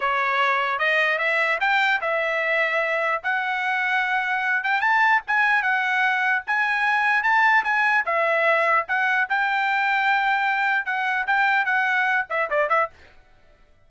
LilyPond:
\new Staff \with { instrumentName = "trumpet" } { \time 4/4 \tempo 4 = 149 cis''2 dis''4 e''4 | g''4 e''2. | fis''2.~ fis''8 g''8 | a''4 gis''4 fis''2 |
gis''2 a''4 gis''4 | e''2 fis''4 g''4~ | g''2. fis''4 | g''4 fis''4. e''8 d''8 e''8 | }